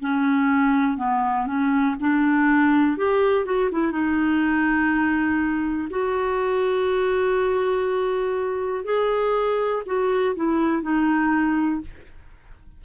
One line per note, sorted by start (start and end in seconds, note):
0.00 0.97 C#4
0.97 1.46 B3
1.46 1.95 C#4
2.00 2.97 D4
2.97 3.45 G4
3.45 3.69 F#4
3.72 3.92 E4
3.92 5.88 D#4
5.90 8.84 F#4
8.84 9.82 G#4
9.85 10.35 F#4
10.35 10.82 E4
10.82 11.81 D#4